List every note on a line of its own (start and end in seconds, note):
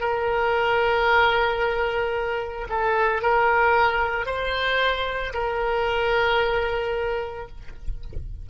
0.00 2.68 A#4
2.69 3.22 A4
3.22 4.26 A#4
4.26 5.33 C5
5.34 7.48 A#4